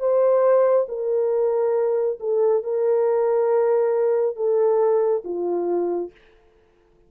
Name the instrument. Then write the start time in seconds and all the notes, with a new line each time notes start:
horn
0.00 C5
0.89 A#4
2.20 A4
2.64 A#4
4.36 A4
5.25 F4